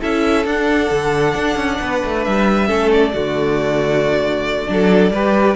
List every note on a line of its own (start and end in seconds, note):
0.00 0.46 C#4
0.00 0.46 E4
0.00 1.78 A4
0.00 0.46 E5
0.46 0.90 D4
0.46 2.67 D4
0.46 2.24 F#5
0.91 1.35 D3
1.35 1.56 D4
1.56 1.79 C#4
1.81 2.03 B3
1.81 2.67 B4
2.04 2.27 A3
2.24 2.70 G3
2.24 2.90 E5
2.67 3.14 A3
2.67 3.12 C#4
2.67 3.12 A4
2.92 5.56 D5
3.13 4.69 D3
3.13 4.67 A3
3.13 4.69 F#4
4.67 5.11 F#3
4.67 5.12 D4
4.67 5.13 A4
5.11 5.56 G3
5.11 5.56 G4
5.11 5.56 B4